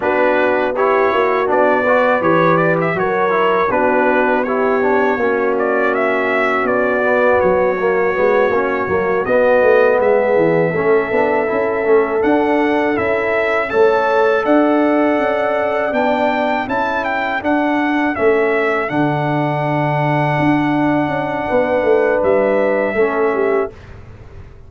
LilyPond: <<
  \new Staff \with { instrumentName = "trumpet" } { \time 4/4 \tempo 4 = 81 b'4 cis''4 d''4 cis''8 d''16 e''16 | cis''4 b'4 cis''4. d''8 | e''4 d''4 cis''2~ | cis''8 dis''4 e''2~ e''8~ |
e''8 fis''4 e''4 a''4 fis''8~ | fis''4. g''4 a''8 g''8 fis''8~ | fis''8 e''4 fis''2~ fis''8~ | fis''2 e''2 | }
  \new Staff \with { instrumentName = "horn" } { \time 4/4 fis'4 g'8 fis'4 b'4. | ais'4 fis'4 g'4 fis'4~ | fis'1~ | fis'4. gis'4 a'4.~ |
a'2~ a'8 cis''4 d''8~ | d''2~ d''8 a'4.~ | a'1~ | a'4 b'2 a'8 g'8 | }
  \new Staff \with { instrumentName = "trombone" } { \time 4/4 d'4 e'4 d'8 fis'8 g'4 | fis'8 e'8 d'4 e'8 d'8 cis'4~ | cis'4. b4 ais8 b8 cis'8 | ais8 b2 cis'8 d'8 e'8 |
cis'8 d'4 e'4 a'4.~ | a'4. d'4 e'4 d'8~ | d'8 cis'4 d'2~ d'8~ | d'2. cis'4 | }
  \new Staff \with { instrumentName = "tuba" } { \time 4/4 b4. ais8 b4 e4 | fis4 b2 ais4~ | ais4 b4 fis4 gis8 ais8 | fis8 b8 a8 gis8 e8 a8 b8 cis'8 |
a8 d'4 cis'4 a4 d'8~ | d'8 cis'4 b4 cis'4 d'8~ | d'8 a4 d2 d'8~ | d'8 cis'8 b8 a8 g4 a4 | }
>>